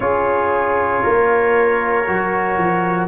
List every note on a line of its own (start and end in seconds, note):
0.00 1.03 C#4
0.00 2.05 F4
0.00 1.03 G#4
0.00 3.06 C#5
1.03 2.08 A#3
1.03 3.08 A#4
2.06 2.57 F#3
2.06 3.08 F#4
2.57 3.08 F3